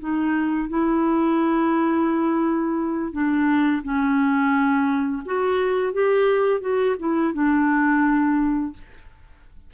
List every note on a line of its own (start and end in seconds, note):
0.00 0.69 D#4
0.69 3.13 E4
3.13 3.82 D4
3.83 5.23 C#4
5.26 5.93 F#4
5.93 6.61 G4
6.61 6.96 F#4
7.00 7.34 E4
7.34 8.73 D4